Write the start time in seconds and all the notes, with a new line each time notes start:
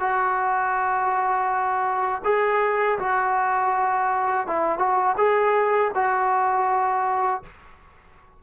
0.00 F#4
2.25 G#4
3.00 F#4
4.47 E4
4.79 F#4
5.18 G#4
5.95 F#4